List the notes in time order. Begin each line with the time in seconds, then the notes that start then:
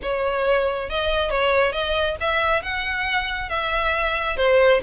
0.02 C#5
0.89 D#5
1.30 C#5
1.72 D#5
2.20 E5
2.62 F#5
3.49 E5
4.37 C5